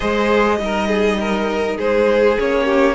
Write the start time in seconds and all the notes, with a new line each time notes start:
0.00 G#3 G#4 C5 D#5
0.59 G3 D#4 A#4
0.88 G#4
1.20 A#4
1.77 G#3 G#4 C5
2.37 A#3 C#4 C#5
2.65 G4